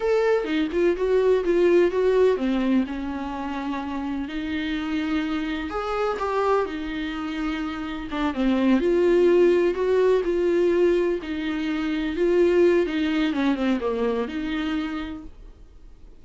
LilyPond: \new Staff \with { instrumentName = "viola" } { \time 4/4 \tempo 4 = 126 a'4 dis'8 f'8 fis'4 f'4 | fis'4 c'4 cis'2~ | cis'4 dis'2. | gis'4 g'4 dis'2~ |
dis'4 d'8 c'4 f'4.~ | f'8 fis'4 f'2 dis'8~ | dis'4. f'4. dis'4 | cis'8 c'8 ais4 dis'2 | }